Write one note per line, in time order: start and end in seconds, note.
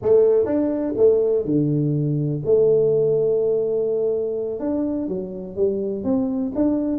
0.02 0.45 A3
0.45 0.93 D4
0.97 1.45 A3
1.45 2.42 D3
2.45 4.59 A3
4.59 5.07 D4
5.08 5.55 F#3
5.55 6.04 G3
6.04 6.52 C4
6.55 6.99 D4